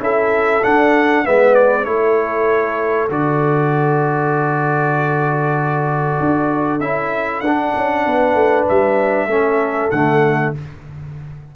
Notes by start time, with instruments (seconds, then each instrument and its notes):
0.00 tuba C#4, trombone E4, horn A4, trumpet E5
0.63 trombone D4, tuba D4, trumpet F#5
1.25 tuba G#3, trombone B3, horn B4, trumpet E5
1.55 trumpet D5
1.85 tuba A3, trombone E4, horn A4, trumpet C#5
3.10 tuba D3, trombone F#4, trumpet D5
6.20 tuba D4
6.80 tuba C#4, trombone E4, trumpet E5
7.40 tuba D4, trumpet F#5
7.47 trombone D4
7.76 tuba C#4
8.06 tuba B3, horn B4
8.35 tuba A3
8.69 tuba G3, trumpet E5
9.27 tuba A3, trombone C#4, horn A4
9.91 tuba D3, trombone A3, trumpet F#5